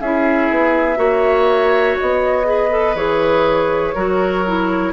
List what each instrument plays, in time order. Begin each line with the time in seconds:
0.00 bassoon C#4, clarinet E4, oboe G#4, flute E5
0.50 bassoon B3
0.95 bassoon A#3, clarinet F#4, oboe C#5
1.99 bassoon B3, flute D#5
2.44 clarinet G#4, oboe B4
2.70 clarinet A4
2.95 bassoon E3, clarinet G#4, flute C#5
3.94 bassoon F#3, clarinet F#4, oboe A#4
4.46 clarinet E4